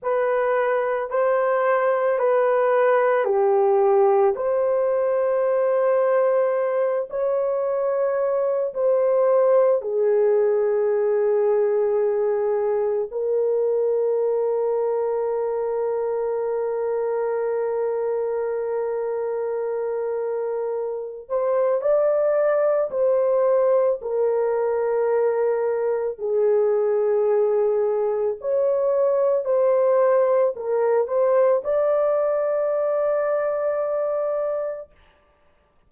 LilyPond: \new Staff \with { instrumentName = "horn" } { \time 4/4 \tempo 4 = 55 b'4 c''4 b'4 g'4 | c''2~ c''8 cis''4. | c''4 gis'2. | ais'1~ |
ais'2.~ ais'8 c''8 | d''4 c''4 ais'2 | gis'2 cis''4 c''4 | ais'8 c''8 d''2. | }